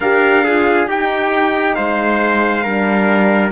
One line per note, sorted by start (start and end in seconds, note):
0.00 0.86 D4
0.00 0.45 G4
0.00 0.44 A#4
0.00 0.88 F5
0.44 0.90 F4
0.44 0.87 G#4
0.86 1.75 D#4
0.86 2.65 D#4
0.86 1.76 G4
0.86 1.74 G5
1.74 2.65 G#3
1.74 2.63 C5
1.74 3.51 F5
2.63 3.51 G3
2.63 3.51 D4
2.63 3.51 A#4